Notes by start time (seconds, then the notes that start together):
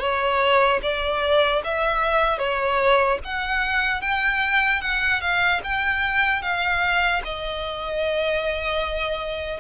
0.00 C#5
0.83 D5
1.64 E5
2.39 C#5
3.25 F#5
4.01 G5
4.81 F#5
5.21 F5
5.64 G5
6.42 F5
7.24 D#5